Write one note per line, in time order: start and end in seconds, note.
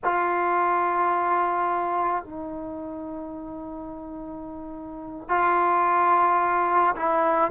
0.04 2.23 F4
2.23 5.28 D#4
5.28 6.95 F4
6.95 7.51 E4